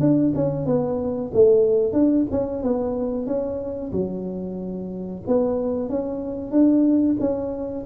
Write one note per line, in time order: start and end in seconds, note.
0.00 0.33 D4
0.35 0.66 C#4
0.66 1.31 B3
1.33 1.93 A3
1.93 2.26 D4
2.31 2.63 C#4
2.63 3.26 B3
3.26 3.92 C#4
3.92 5.22 F#3
5.27 5.89 B3
5.89 6.51 C#4
6.51 7.17 D4
7.20 7.85 C#4